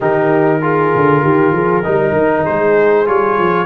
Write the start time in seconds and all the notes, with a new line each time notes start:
0.00 D#3 D#4 G4 A#4
0.61 F4 G#4
0.95 D3
1.22 D#3 G4
1.52 F3 G#4
1.83 G3 D#4 A#4
2.12 D#3
2.43 G#3 G#4 C5
3.06 G3 F4 C#5
3.38 F3